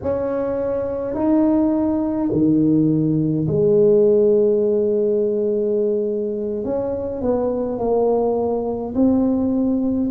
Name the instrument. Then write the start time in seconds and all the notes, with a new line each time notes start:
tuba
0.02 C#4
1.14 D#4
2.31 D#3
3.47 G#3
6.64 C#4
7.21 B3
7.78 A#3
8.94 C4